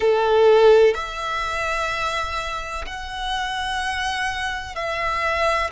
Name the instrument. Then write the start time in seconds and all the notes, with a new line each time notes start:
violin
0.00 A4
0.94 E5
2.86 F#5
4.75 E5